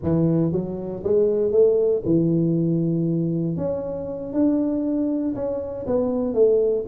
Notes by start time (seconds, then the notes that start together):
0.03 E3
0.52 F#3
1.03 G#3
1.51 A3
2.05 E3
3.56 C#4
4.33 D4
5.35 C#4
5.86 B3
6.34 A3